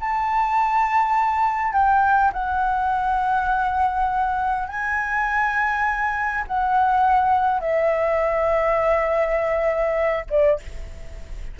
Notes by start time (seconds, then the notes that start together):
0.00 A5
1.73 G5
2.33 F#5
4.68 G#5
6.47 F#5
7.60 E5
10.30 D5